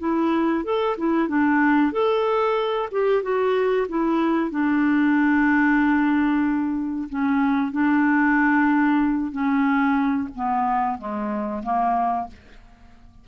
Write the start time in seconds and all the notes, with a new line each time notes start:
0.00 E4
0.65 A4
0.98 E4
1.28 D4
1.93 A4
2.92 G4
3.23 F#4
3.89 E4
4.51 D4
7.10 C#4
7.72 D4
9.32 C#4
10.35 B3
10.99 G#3
11.63 A#3